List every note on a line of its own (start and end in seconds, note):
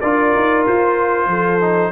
0.00 0.34 D4
0.00 1.61 F4
0.00 1.28 A#4
0.00 0.64 D5
0.35 0.67 D#4
0.66 1.26 F4
0.66 1.92 C5
1.26 1.90 F3
1.26 1.92 A4
1.61 1.92 D#4